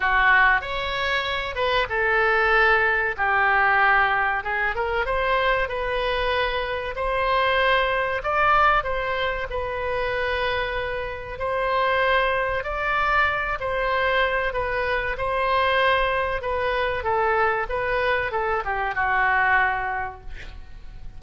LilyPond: \new Staff \with { instrumentName = "oboe" } { \time 4/4 \tempo 4 = 95 fis'4 cis''4. b'8 a'4~ | a'4 g'2 gis'8 ais'8 | c''4 b'2 c''4~ | c''4 d''4 c''4 b'4~ |
b'2 c''2 | d''4. c''4. b'4 | c''2 b'4 a'4 | b'4 a'8 g'8 fis'2 | }